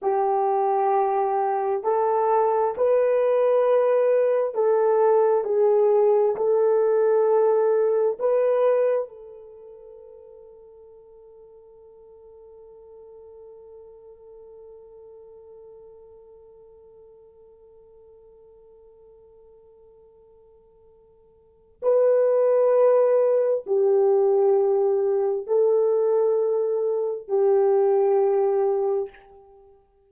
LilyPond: \new Staff \with { instrumentName = "horn" } { \time 4/4 \tempo 4 = 66 g'2 a'4 b'4~ | b'4 a'4 gis'4 a'4~ | a'4 b'4 a'2~ | a'1~ |
a'1~ | a'1 | b'2 g'2 | a'2 g'2 | }